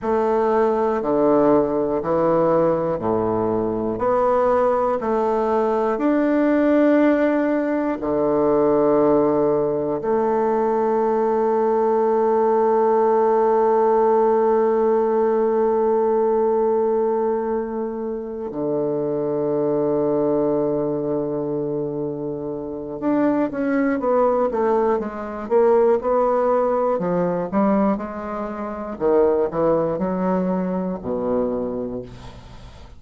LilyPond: \new Staff \with { instrumentName = "bassoon" } { \time 4/4 \tempo 4 = 60 a4 d4 e4 a,4 | b4 a4 d'2 | d2 a2~ | a1~ |
a2~ a8 d4.~ | d2. d'8 cis'8 | b8 a8 gis8 ais8 b4 f8 g8 | gis4 dis8 e8 fis4 b,4 | }